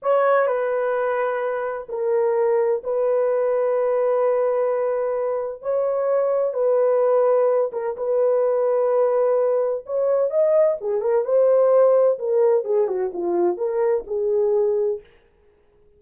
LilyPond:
\new Staff \with { instrumentName = "horn" } { \time 4/4 \tempo 4 = 128 cis''4 b'2. | ais'2 b'2~ | b'1 | cis''2 b'2~ |
b'8 ais'8 b'2.~ | b'4 cis''4 dis''4 gis'8 ais'8 | c''2 ais'4 gis'8 fis'8 | f'4 ais'4 gis'2 | }